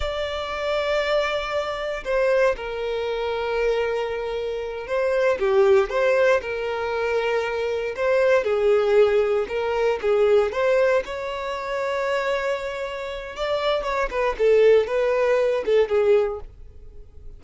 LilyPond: \new Staff \with { instrumentName = "violin" } { \time 4/4 \tempo 4 = 117 d''1 | c''4 ais'2.~ | ais'4. c''4 g'4 c''8~ | c''8 ais'2. c''8~ |
c''8 gis'2 ais'4 gis'8~ | gis'8 c''4 cis''2~ cis''8~ | cis''2 d''4 cis''8 b'8 | a'4 b'4. a'8 gis'4 | }